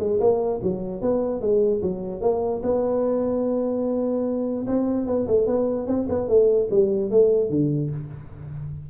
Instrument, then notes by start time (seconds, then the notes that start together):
tuba
0.00 G#3
0.21 A#3
0.63 F#3
1.02 B3
1.41 G#3
1.83 F#3
2.21 A#3
2.63 B3
4.67 C4
5.07 B3
5.28 A3
5.47 B3
5.87 C4
6.10 B3
6.29 A3
6.71 G3
7.11 A3
7.50 D3